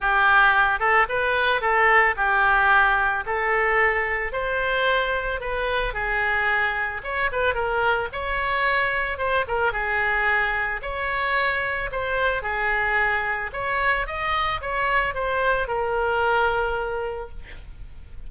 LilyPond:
\new Staff \with { instrumentName = "oboe" } { \time 4/4 \tempo 4 = 111 g'4. a'8 b'4 a'4 | g'2 a'2 | c''2 b'4 gis'4~ | gis'4 cis''8 b'8 ais'4 cis''4~ |
cis''4 c''8 ais'8 gis'2 | cis''2 c''4 gis'4~ | gis'4 cis''4 dis''4 cis''4 | c''4 ais'2. | }